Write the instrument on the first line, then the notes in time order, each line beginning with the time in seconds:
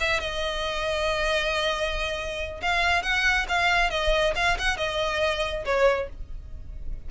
violin
0.00 E5
0.20 D#5
2.62 F5
3.02 F#5
3.48 F5
3.90 D#5
4.35 F5
4.58 F#5
4.77 D#5
5.65 C#5